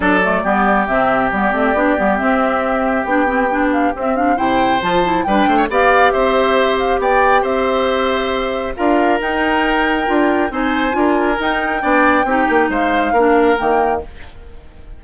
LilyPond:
<<
  \new Staff \with { instrumentName = "flute" } { \time 4/4 \tempo 4 = 137 d''2 e''4 d''4~ | d''4 e''2 g''4~ | g''8 f''8 e''8 f''8 g''4 a''4 | g''4 f''4 e''4. f''8 |
g''4 e''2. | f''4 g''2. | gis''2 g''2~ | g''4 f''2 g''4 | }
  \new Staff \with { instrumentName = "oboe" } { \time 4/4 a'4 g'2.~ | g'1~ | g'2 c''2 | b'8 c''16 cis''16 d''4 c''2 |
d''4 c''2. | ais'1 | c''4 ais'2 d''4 | g'4 c''4 ais'2 | }
  \new Staff \with { instrumentName = "clarinet" } { \time 4/4 d'8 a8 b4 c'4 b8 c'8 | d'8 b8 c'2 d'8 c'8 | d'4 c'8 d'8 e'4 f'8 e'8 | d'4 g'2.~ |
g'1 | f'4 dis'2 f'4 | dis'4 f'4 dis'4 d'4 | dis'2 d'4 ais4 | }
  \new Staff \with { instrumentName = "bassoon" } { \time 4/4 fis4 g4 c4 g8 a8 | b8 g8 c'2 b4~ | b4 c'4 c4 f4 | g8 a8 b4 c'2 |
b4 c'2. | d'4 dis'2 d'4 | c'4 d'4 dis'4 b4 | c'8 ais8 gis4 ais4 dis4 | }
>>